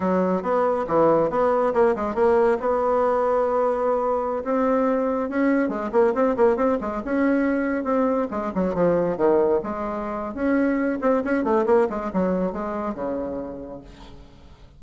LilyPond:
\new Staff \with { instrumentName = "bassoon" } { \time 4/4 \tempo 4 = 139 fis4 b4 e4 b4 | ais8 gis8 ais4 b2~ | b2~ b16 c'4.~ c'16~ | c'16 cis'4 gis8 ais8 c'8 ais8 c'8 gis16~ |
gis16 cis'2 c'4 gis8 fis16~ | fis16 f4 dis4 gis4.~ gis16 | cis'4. c'8 cis'8 a8 ais8 gis8 | fis4 gis4 cis2 | }